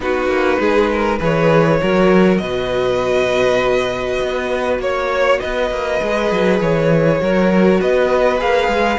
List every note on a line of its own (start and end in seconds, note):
0.00 0.27 B3
0.00 1.20 D#4
0.00 0.60 F#4
0.00 1.21 B4
0.27 0.57 A#3
0.59 1.20 G#3
0.59 0.90 G#4
0.91 1.18 A#4
1.18 1.80 E3
1.18 1.80 G#4
1.18 1.78 B4
1.18 2.37 C#5
1.81 2.40 F#3
1.81 6.00 F#4
1.81 2.41 A#4
2.37 4.20 B2
2.37 4.81 B4
2.37 4.77 D#5
4.21 4.79 B3
4.79 5.38 A#3
4.79 5.40 C#5
5.40 5.70 B3
5.40 7.20 B4
5.40 6.60 D#5
5.70 6.00 A#3
6.00 6.31 G#3
6.00 7.20 G#4
6.31 6.59 F#3
6.59 7.20 E3
6.59 7.81 C#5
7.20 7.80 F#3
7.20 8.38 F#4
7.20 7.80 A#4
7.80 8.41 B3
7.80 8.99 B4
7.80 8.40 D#5
8.38 8.67 A#3
8.38 8.98 G#4
8.38 8.99 F5
8.67 8.97 G#3